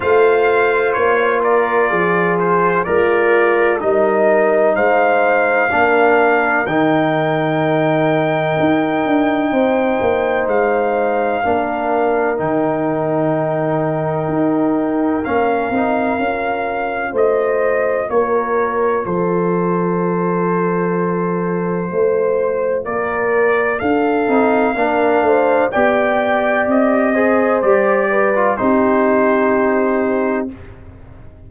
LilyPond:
<<
  \new Staff \with { instrumentName = "trumpet" } { \time 4/4 \tempo 4 = 63 f''4 cis''8 d''4 c''8 d''4 | dis''4 f''2 g''4~ | g''2. f''4~ | f''4 g''2. |
f''2 dis''4 cis''4 | c''1 | d''4 f''2 g''4 | dis''4 d''4 c''2 | }
  \new Staff \with { instrumentName = "horn" } { \time 4/4 c''4. ais'8 gis'4 f'4 | ais'4 c''4 ais'2~ | ais'2 c''2 | ais'1~ |
ais'2 c''4 ais'4 | a'2. c''4 | ais'4 a'4 ais'8 c''8 d''4~ | d''8 c''4 b'8 g'2 | }
  \new Staff \with { instrumentName = "trombone" } { \time 4/4 f'2. ais'4 | dis'2 d'4 dis'4~ | dis'1 | d'4 dis'2. |
cis'8 dis'8 f'2.~ | f'1~ | f'4. dis'8 d'4 g'4~ | g'8 gis'8 g'8. f'16 dis'2 | }
  \new Staff \with { instrumentName = "tuba" } { \time 4/4 a4 ais4 f4 gis4 | g4 gis4 ais4 dis4~ | dis4 dis'8 d'8 c'8 ais8 gis4 | ais4 dis2 dis'4 |
ais8 c'8 cis'4 a4 ais4 | f2. a4 | ais4 d'8 c'8 ais8 a8 b4 | c'4 g4 c'2 | }
>>